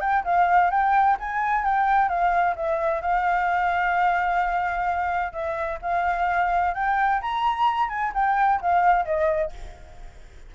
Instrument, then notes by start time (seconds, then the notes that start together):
flute
0.00 G5
0.24 F5
0.70 G5
1.20 G#5
1.64 G5
2.08 F5
2.56 E5
3.01 F5
5.32 E5
5.81 F5
6.74 G5
7.21 A#5
7.89 G#5
8.14 G5
8.61 F5
9.05 D#5